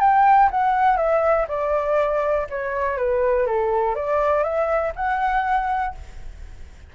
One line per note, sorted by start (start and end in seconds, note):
0.00 0.50 G5
0.51 0.97 F#5
0.97 1.47 E5
1.48 2.47 D5
2.50 2.97 C#5
2.97 3.46 B4
3.46 3.96 A4
3.96 4.43 D5
4.43 4.93 E5
4.96 5.95 F#5